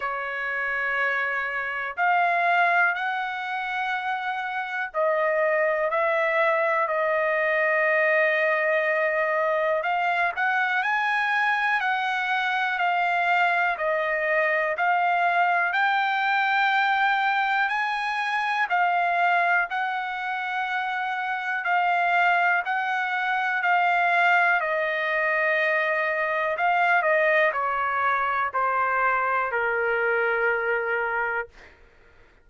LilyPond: \new Staff \with { instrumentName = "trumpet" } { \time 4/4 \tempo 4 = 61 cis''2 f''4 fis''4~ | fis''4 dis''4 e''4 dis''4~ | dis''2 f''8 fis''8 gis''4 | fis''4 f''4 dis''4 f''4 |
g''2 gis''4 f''4 | fis''2 f''4 fis''4 | f''4 dis''2 f''8 dis''8 | cis''4 c''4 ais'2 | }